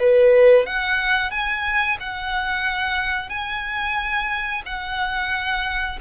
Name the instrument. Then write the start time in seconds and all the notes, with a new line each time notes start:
violin
0.00 B4
0.66 F#5
1.31 G#5
2.00 F#5
3.29 G#5
4.66 F#5